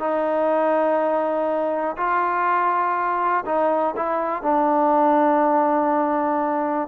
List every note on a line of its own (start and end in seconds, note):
0.00 1.97 D#4
1.97 3.45 F4
3.46 3.95 D#4
3.97 4.43 E4
4.43 6.89 D4